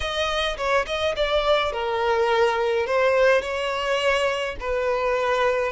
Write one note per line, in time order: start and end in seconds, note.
0.00 0.57 D#5
0.57 0.85 C#5
0.86 1.15 D#5
1.16 1.72 D5
1.72 2.86 A#4
2.86 3.41 C5
3.41 4.55 C#5
4.60 5.72 B4